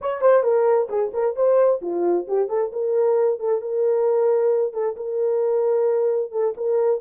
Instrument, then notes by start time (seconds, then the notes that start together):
horn
0.01 C#5
0.21 C5
0.43 A#4
0.89 G#4
1.13 A#4
1.36 C5
1.81 F4
2.27 G4
2.49 A4
2.72 A#4
3.39 A4
3.61 A#4
4.73 A4
4.96 A#4
6.31 A4
6.56 A#4